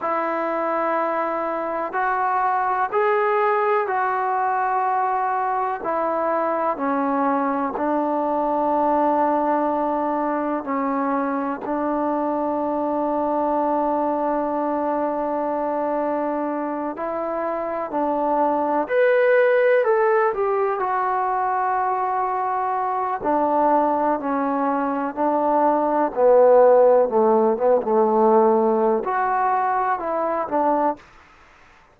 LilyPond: \new Staff \with { instrumentName = "trombone" } { \time 4/4 \tempo 4 = 62 e'2 fis'4 gis'4 | fis'2 e'4 cis'4 | d'2. cis'4 | d'1~ |
d'4. e'4 d'4 b'8~ | b'8 a'8 g'8 fis'2~ fis'8 | d'4 cis'4 d'4 b4 | a8 b16 a4~ a16 fis'4 e'8 d'8 | }